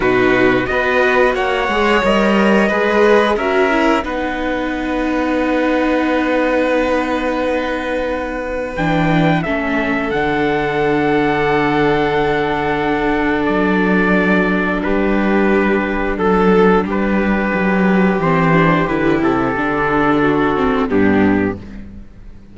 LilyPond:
<<
  \new Staff \with { instrumentName = "trumpet" } { \time 4/4 \tempo 4 = 89 b'4 dis''4 fis''4 dis''4~ | dis''4 e''4 fis''2~ | fis''1~ | fis''4 g''4 e''4 fis''4~ |
fis''1 | d''2 b'2 | a'4 b'2 c''4 | b'8 a'2~ a'8 g'4 | }
  \new Staff \with { instrumentName = "violin" } { \time 4/4 fis'4 b'4 cis''2 | b'4 ais'4 b'2~ | b'1~ | b'2 a'2~ |
a'1~ | a'2 g'2 | a'4 g'2.~ | g'2 fis'4 d'4 | }
  \new Staff \with { instrumentName = "viola" } { \time 4/4 dis'4 fis'4. gis'8 ais'4 | gis'4 fis'8 e'8 dis'2~ | dis'1~ | dis'4 d'4 cis'4 d'4~ |
d'1~ | d'1~ | d'2. c'8 d'8 | e'4 d'4. c'8 b4 | }
  \new Staff \with { instrumentName = "cello" } { \time 4/4 b,4 b4 ais8 gis8 g4 | gis4 cis'4 b2~ | b1~ | b4 e4 a4 d4~ |
d1 | fis2 g2 | fis4 g4 fis4 e4 | d8 c8 d2 g,4 | }
>>